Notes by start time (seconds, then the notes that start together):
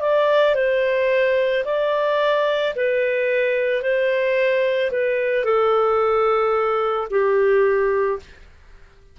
0.00 D5
0.55 C5
1.65 D5
2.75 B4
3.82 C5
4.91 B4
5.44 A4
7.10 G4